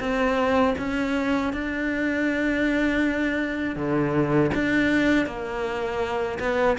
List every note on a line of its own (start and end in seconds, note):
0.00 0.75 C4
0.79 1.53 C#4
1.53 3.76 D4
3.76 4.51 D3
4.55 5.26 D4
5.26 6.39 A#3
6.40 6.77 B3